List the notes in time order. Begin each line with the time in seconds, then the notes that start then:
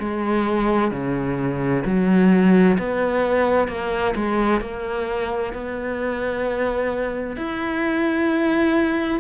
0.00 G#3
0.91 C#3
1.86 F#3
2.79 B3
3.68 A#3
4.15 G#3
4.61 A#3
5.53 B3
7.37 E4